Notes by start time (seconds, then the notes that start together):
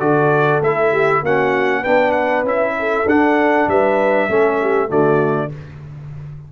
0.00 D3 F#4 A4 D5
0.61 A3 E4 E5
0.92 G4
1.23 A#3 C#4 F#4 F#5
1.81 D4 B4 G5
1.87 B3
2.12 F#5
2.44 C#4 E4 E5
2.79 A4
3.06 D4 F#5
3.68 G3 B4 E5
4.29 A3 C#4 A4
4.61 G4
4.88 D3 A3 F#4 D5